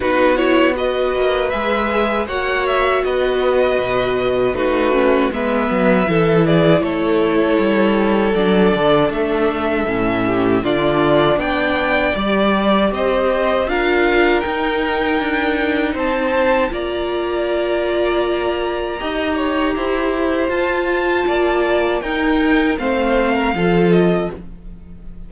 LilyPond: <<
  \new Staff \with { instrumentName = "violin" } { \time 4/4 \tempo 4 = 79 b'8 cis''8 dis''4 e''4 fis''8 e''8 | dis''2 b'4 e''4~ | e''8 d''8 cis''2 d''4 | e''2 d''4 g''4 |
d''4 dis''4 f''4 g''4~ | g''4 a''4 ais''2~ | ais''2. a''4~ | a''4 g''4 f''4. dis''8 | }
  \new Staff \with { instrumentName = "violin" } { \time 4/4 fis'4 b'2 cis''4 | b'2 fis'4 b'4 | a'8 gis'8 a'2.~ | a'4. g'8 f'4 d''4~ |
d''4 c''4 ais'2~ | ais'4 c''4 d''2~ | d''4 dis''8 cis''8 c''2 | d''4 ais'4 c''8. ais'16 a'4 | }
  \new Staff \with { instrumentName = "viola" } { \time 4/4 dis'8 e'8 fis'4 gis'4 fis'4~ | fis'2 dis'8 cis'8 b4 | e'2. d'4~ | d'4 cis'4 d'2 |
g'2 f'4 dis'4~ | dis'2 f'2~ | f'4 g'2 f'4~ | f'4 dis'4 c'4 f'4 | }
  \new Staff \with { instrumentName = "cello" } { \time 4/4 b4. ais8 gis4 ais4 | b4 b,4 a4 gis8 fis8 | e4 a4 g4 fis8 d8 | a4 a,4 d4 b4 |
g4 c'4 d'4 dis'4 | d'4 c'4 ais2~ | ais4 dis'4 e'4 f'4 | ais4 dis'4 a4 f4 | }
>>